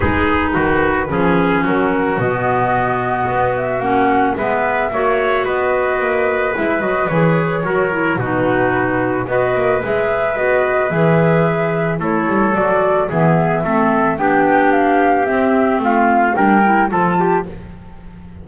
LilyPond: <<
  \new Staff \with { instrumentName = "flute" } { \time 4/4 \tempo 4 = 110 b'2. ais'4 | dis''2~ dis''8 e''8 fis''4 | e''2 dis''2 | e''8 dis''8 cis''2 b'4~ |
b'4 dis''4 e''4 dis''4 | e''2 cis''4 d''4 | e''2 g''4 f''4 | e''4 f''4 g''4 a''4 | }
  \new Staff \with { instrumentName = "trumpet" } { \time 4/4 gis'4 fis'4 gis'4 fis'4~ | fis'1 | b'4 cis''4 b'2~ | b'2 ais'4 fis'4~ |
fis'4 b'2.~ | b'2 a'2 | gis'4 a'4 g'2~ | g'4 f'4 ais'4 a'8 g'8 | }
  \new Staff \with { instrumentName = "clarinet" } { \time 4/4 dis'2 cis'2 | b2. cis'4 | b4 fis'2. | e'8 fis'8 gis'4 fis'8 e'8 dis'4~ |
dis'4 fis'4 gis'4 fis'4 | gis'2 e'4 fis'4 | b4 c'4 d'2 | c'2 d'8 e'8 f'4 | }
  \new Staff \with { instrumentName = "double bass" } { \time 4/4 gis4 dis4 f4 fis4 | b,2 b4 ais4 | gis4 ais4 b4 ais4 | gis8 fis8 e4 fis4 b,4~ |
b,4 b8 ais8 gis4 b4 | e2 a8 g8 fis4 | e4 a4 b2 | c'4 a4 g4 f4 | }
>>